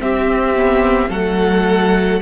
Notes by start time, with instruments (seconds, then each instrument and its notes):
0.00 viola C4, cello C4, violin G4 E5
0.55 viola B3
1.09 cello F#3, viola A3, violin A4 F#5